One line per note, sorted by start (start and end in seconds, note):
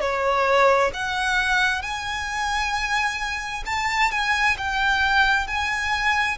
0.00 0.91 C#5
0.93 1.82 F#5
1.82 3.64 G#5
3.65 4.11 A5
4.11 4.57 G#5
4.57 5.47 G5
5.47 6.38 G#5